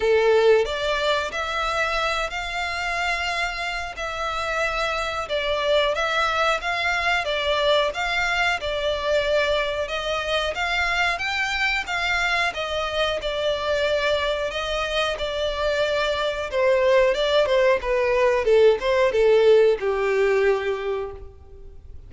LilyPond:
\new Staff \with { instrumentName = "violin" } { \time 4/4 \tempo 4 = 91 a'4 d''4 e''4. f''8~ | f''2 e''2 | d''4 e''4 f''4 d''4 | f''4 d''2 dis''4 |
f''4 g''4 f''4 dis''4 | d''2 dis''4 d''4~ | d''4 c''4 d''8 c''8 b'4 | a'8 c''8 a'4 g'2 | }